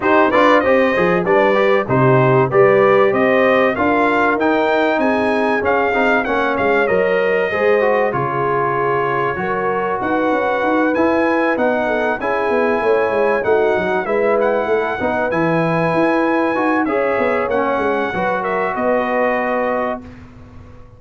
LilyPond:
<<
  \new Staff \with { instrumentName = "trumpet" } { \time 4/4 \tempo 4 = 96 c''8 d''8 dis''4 d''4 c''4 | d''4 dis''4 f''4 g''4 | gis''4 f''4 fis''8 f''8 dis''4~ | dis''4 cis''2. |
fis''4. gis''4 fis''4 gis''8~ | gis''4. fis''4 e''8 fis''4~ | fis''8 gis''2~ gis''8 e''4 | fis''4. e''8 dis''2 | }
  \new Staff \with { instrumentName = "horn" } { \time 4/4 g'8 b'8 c''4 b'4 g'4 | b'4 c''4 ais'2 | gis'2 cis''2 | c''4 gis'2 ais'4 |
b'2. a'8 gis'8~ | gis'8 cis''4 fis'4 b'4 a'8 | b'2. cis''4~ | cis''4 b'8 ais'8 b'2 | }
  \new Staff \with { instrumentName = "trombone" } { \time 4/4 dis'8 f'8 g'8 gis'8 d'8 g'8 dis'4 | g'2 f'4 dis'4~ | dis'4 cis'8 dis'8 cis'4 ais'4 | gis'8 fis'8 f'2 fis'4~ |
fis'4. e'4 dis'4 e'8~ | e'4. dis'4 e'4. | dis'8 e'2 fis'8 gis'4 | cis'4 fis'2. | }
  \new Staff \with { instrumentName = "tuba" } { \time 4/4 dis'8 d'8 c'8 f8 g4 c4 | g4 c'4 d'4 dis'4 | c'4 cis'8 c'8 ais8 gis8 fis4 | gis4 cis2 fis4 |
dis'8 cis'8 dis'8 e'4 b4 cis'8 | b8 a8 gis8 a8 fis8 gis4 a8 | b8 e4 e'4 dis'8 cis'8 b8 | ais8 gis8 fis4 b2 | }
>>